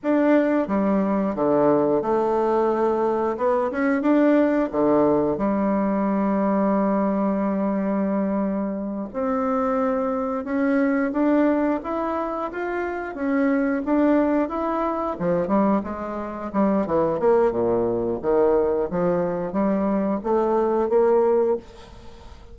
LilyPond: \new Staff \with { instrumentName = "bassoon" } { \time 4/4 \tempo 4 = 89 d'4 g4 d4 a4~ | a4 b8 cis'8 d'4 d4 | g1~ | g4. c'2 cis'8~ |
cis'8 d'4 e'4 f'4 cis'8~ | cis'8 d'4 e'4 f8 g8 gis8~ | gis8 g8 e8 ais8 ais,4 dis4 | f4 g4 a4 ais4 | }